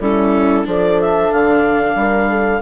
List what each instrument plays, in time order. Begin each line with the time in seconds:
0.00 bassoon G3, viola C#4, horn E4, clarinet A4
0.65 bassoon F3, viola D4, horn A4, clarinet D5
1.01 clarinet E5
1.32 bassoon D3, clarinet F5
1.95 bassoon G3, horn A#4
2.30 horn A4